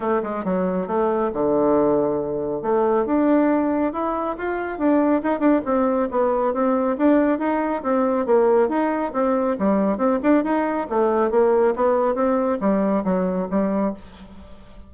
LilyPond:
\new Staff \with { instrumentName = "bassoon" } { \time 4/4 \tempo 4 = 138 a8 gis8 fis4 a4 d4~ | d2 a4 d'4~ | d'4 e'4 f'4 d'4 | dis'8 d'8 c'4 b4 c'4 |
d'4 dis'4 c'4 ais4 | dis'4 c'4 g4 c'8 d'8 | dis'4 a4 ais4 b4 | c'4 g4 fis4 g4 | }